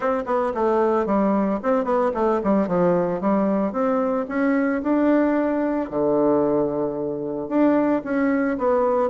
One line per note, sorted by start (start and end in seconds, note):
0.00 0.23 C4
0.26 0.53 B3
0.54 1.06 A3
1.06 1.59 G3
1.62 1.84 C4
1.84 2.11 B3
2.14 2.40 A3
2.43 2.67 G3
2.67 3.20 F3
3.20 3.72 G3
3.72 4.25 C4
4.28 4.81 C#4
4.83 5.90 D4
5.90 7.48 D3
7.48 8.01 D4
8.04 8.57 C#4
8.57 9.10 B3